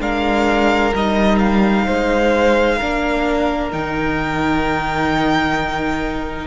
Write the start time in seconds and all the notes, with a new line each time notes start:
0.00 G#3 D4 A#4 F5
0.94 G3 D#4 D#5
1.38 F5
1.85 G#3 C5
2.77 A#3 D4 A#4
3.72 D#3 D#4 G5